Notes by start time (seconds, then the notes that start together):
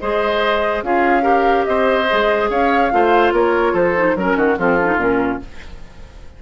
0.00 G#3 G#4 C5 D#5
0.83 C#4 F4 G#4 F5
1.22 G4 A#4
1.65 C4 C5 D#5
2.10 G#3 G#4
2.50 C#4 C#5 F5
2.92 A3 F4 C5
3.32 A#3 A#4 C#5
3.73 F3 A4 C5
3.96 D#4
4.16 F#3 C#4 A#4
4.36 D#3 F#4
4.58 F3 C4 F4 A4
4.79 C#4
4.87 D#4
4.97 A#2 C#4 A#4